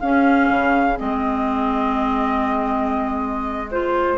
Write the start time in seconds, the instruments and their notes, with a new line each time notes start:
0.00 bassoon C#4, clarinet C#4, oboe G#4, flute F5
0.49 bassoon C#3
0.97 bassoon G#3, clarinet C4, flute D#5
3.71 clarinet F4, flute C5